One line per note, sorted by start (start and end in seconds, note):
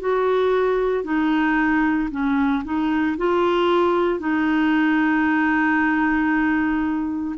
0.00 1.03 F#4
1.03 2.09 D#4
2.11 2.63 C#4
2.64 3.16 D#4
3.17 4.19 F4
4.19 7.35 D#4